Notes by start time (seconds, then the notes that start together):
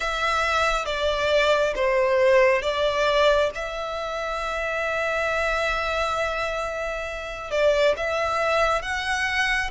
0.00 E5
0.85 D5
1.74 C5
2.62 D5
3.54 E5
7.50 D5
7.97 E5
8.82 F#5